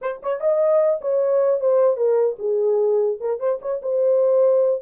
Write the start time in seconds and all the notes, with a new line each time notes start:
0.01 C5
0.22 C#5
0.40 D#5
1.01 C#5
1.60 C5
1.97 A#4
2.38 G#4
3.20 A#4
3.39 C5
3.61 C#5
3.82 C5